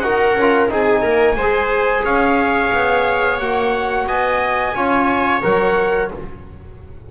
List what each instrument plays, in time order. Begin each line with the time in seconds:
0.00 double bass D#4, trombone F#4, viola A#4, trumpet F#5
0.35 double bass C#4, trombone F4
0.69 double bass C4, trombone D#4, viola G#4, trumpet G#5
1.02 double bass A#3, viola A#4
1.36 double bass G#3, trombone G#4, viola C5
2.04 double bass C#4, viola C#5, trumpet F5
2.73 double bass B3
3.40 double bass A#3, trombone F#4, trumpet F#5
4.07 double bass B3, viola D#5, trumpet G#5
4.75 double bass C#4, trombone F4, viola C#5
5.42 double bass F#3, trombone A#4, trumpet F#5